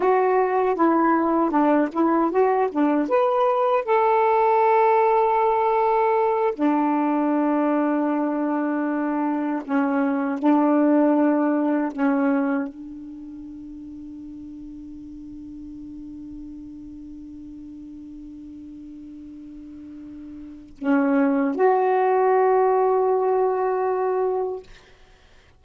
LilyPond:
\new Staff \with { instrumentName = "saxophone" } { \time 4/4 \tempo 4 = 78 fis'4 e'4 d'8 e'8 fis'8 d'8 | b'4 a'2.~ | a'8 d'2.~ d'8~ | d'8 cis'4 d'2 cis'8~ |
cis'8 d'2.~ d'8~ | d'1~ | d'2. cis'4 | fis'1 | }